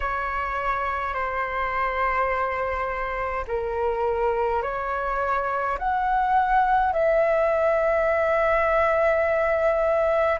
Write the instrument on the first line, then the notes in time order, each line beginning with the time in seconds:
flute
0.00 C#5
1.13 C5
3.47 A#4
4.62 C#5
5.78 F#5
6.92 E5